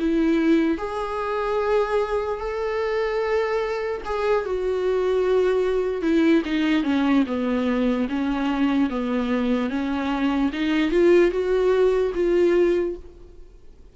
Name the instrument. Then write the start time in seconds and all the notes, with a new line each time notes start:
viola
0.00 E4
0.78 G#4
2.40 A4
4.05 G#4
4.45 F#4
6.02 E4
6.45 D#4
6.84 C#4
7.27 B3
8.09 C#4
8.90 B3
9.70 C#4
10.53 D#4
10.92 F4
11.31 F#4
12.15 F4